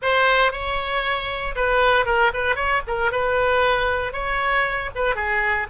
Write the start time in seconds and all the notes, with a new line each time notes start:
0.02 C5
0.51 C#5
1.55 B4
2.05 A#4
2.33 B4
2.55 C#5
2.87 A#4
3.11 B4
4.12 C#5
4.95 B4
5.15 G#4